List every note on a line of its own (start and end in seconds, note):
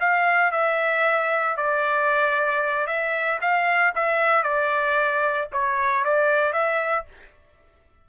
0.00 0.52 F5
0.52 1.57 E5
1.57 2.87 D5
2.87 3.39 E5
3.41 3.94 F5
3.95 4.43 E5
4.43 5.49 D5
5.52 6.04 C#5
6.04 6.53 D5
6.53 7.05 E5